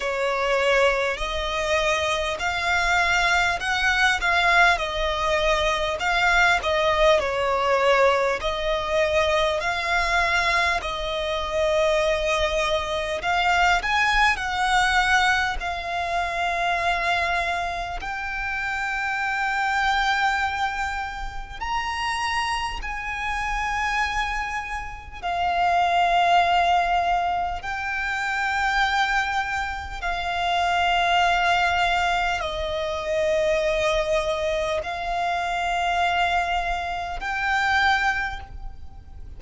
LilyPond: \new Staff \with { instrumentName = "violin" } { \time 4/4 \tempo 4 = 50 cis''4 dis''4 f''4 fis''8 f''8 | dis''4 f''8 dis''8 cis''4 dis''4 | f''4 dis''2 f''8 gis''8 | fis''4 f''2 g''4~ |
g''2 ais''4 gis''4~ | gis''4 f''2 g''4~ | g''4 f''2 dis''4~ | dis''4 f''2 g''4 | }